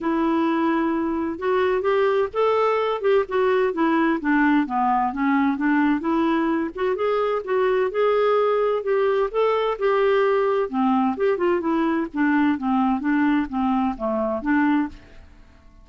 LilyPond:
\new Staff \with { instrumentName = "clarinet" } { \time 4/4 \tempo 4 = 129 e'2. fis'4 | g'4 a'4. g'8 fis'4 | e'4 d'4 b4 cis'4 | d'4 e'4. fis'8 gis'4 |
fis'4 gis'2 g'4 | a'4 g'2 c'4 | g'8 f'8 e'4 d'4 c'4 | d'4 c'4 a4 d'4 | }